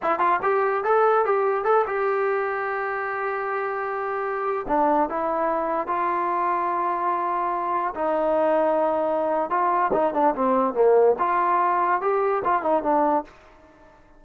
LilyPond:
\new Staff \with { instrumentName = "trombone" } { \time 4/4 \tempo 4 = 145 e'8 f'8 g'4 a'4 g'4 | a'8 g'2.~ g'8~ | g'2.~ g'16 d'8.~ | d'16 e'2 f'4.~ f'16~ |
f'2.~ f'16 dis'8.~ | dis'2. f'4 | dis'8 d'8 c'4 ais4 f'4~ | f'4 g'4 f'8 dis'8 d'4 | }